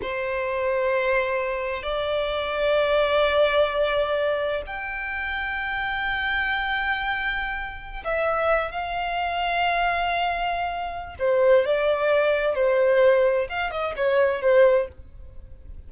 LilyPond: \new Staff \with { instrumentName = "violin" } { \time 4/4 \tempo 4 = 129 c''1 | d''1~ | d''2 g''2~ | g''1~ |
g''4~ g''16 e''4. f''4~ f''16~ | f''1 | c''4 d''2 c''4~ | c''4 f''8 dis''8 cis''4 c''4 | }